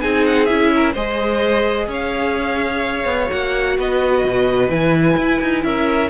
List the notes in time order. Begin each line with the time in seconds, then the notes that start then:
0.00 C4 D#4 G#4 G#5
0.25 F#5
0.45 C#4 E4 E5
0.75 A#4
0.92 G#3 G#4 C5 D#5
1.87 C#4 C#5 F5
3.04 B3
3.27 A#3 F#4 F#5
3.77 B3 B4 D#5
4.24 B2
4.68 E3 E4 G#5
5.17 E4
5.41 D#4
5.63 C#4 A#4 E5